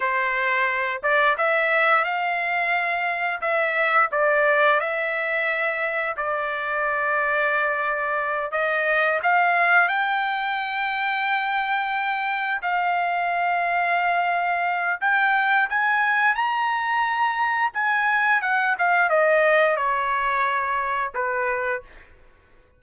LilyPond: \new Staff \with { instrumentName = "trumpet" } { \time 4/4 \tempo 4 = 88 c''4. d''8 e''4 f''4~ | f''4 e''4 d''4 e''4~ | e''4 d''2.~ | d''8 dis''4 f''4 g''4.~ |
g''2~ g''8 f''4.~ | f''2 g''4 gis''4 | ais''2 gis''4 fis''8 f''8 | dis''4 cis''2 b'4 | }